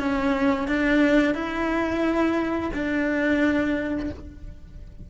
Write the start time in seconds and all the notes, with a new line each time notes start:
0.00 C#4
0.68 D4
1.35 E4
2.74 D4